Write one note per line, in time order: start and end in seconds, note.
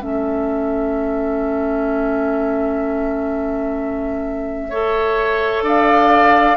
0.00 5.62 A3
0.00 4.69 C#4
0.00 4.70 A4
0.00 5.64 E5
4.70 6.57 A4
4.70 5.64 C#5
5.62 6.56 D4
5.62 6.57 D5
5.62 6.57 F5